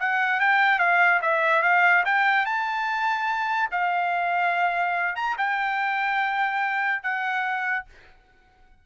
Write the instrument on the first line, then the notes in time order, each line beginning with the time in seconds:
trumpet
0.00 F#5
0.40 G5
0.79 F5
1.22 E5
1.63 F5
2.06 G5
2.46 A5
3.72 F5
5.16 A#5
5.38 G5
7.03 F#5